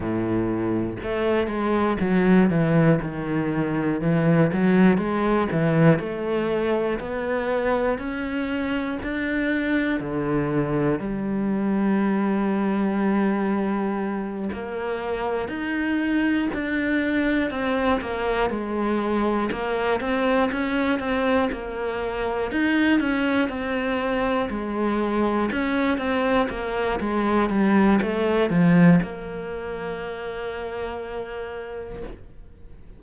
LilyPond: \new Staff \with { instrumentName = "cello" } { \time 4/4 \tempo 4 = 60 a,4 a8 gis8 fis8 e8 dis4 | e8 fis8 gis8 e8 a4 b4 | cis'4 d'4 d4 g4~ | g2~ g8 ais4 dis'8~ |
dis'8 d'4 c'8 ais8 gis4 ais8 | c'8 cis'8 c'8 ais4 dis'8 cis'8 c'8~ | c'8 gis4 cis'8 c'8 ais8 gis8 g8 | a8 f8 ais2. | }